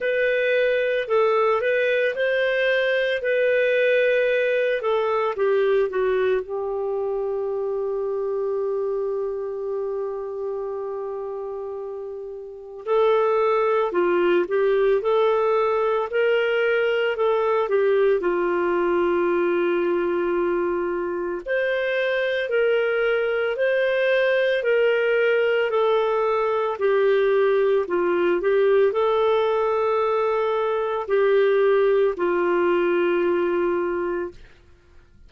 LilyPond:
\new Staff \with { instrumentName = "clarinet" } { \time 4/4 \tempo 4 = 56 b'4 a'8 b'8 c''4 b'4~ | b'8 a'8 g'8 fis'8 g'2~ | g'1 | a'4 f'8 g'8 a'4 ais'4 |
a'8 g'8 f'2. | c''4 ais'4 c''4 ais'4 | a'4 g'4 f'8 g'8 a'4~ | a'4 g'4 f'2 | }